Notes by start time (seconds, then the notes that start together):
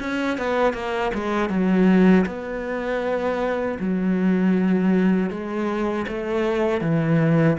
0.00 C#4
0.38 B3
0.74 A#3
1.14 G#3
1.50 F#3
2.26 B3
3.79 F#3
5.30 G#3
6.08 A3
6.81 E3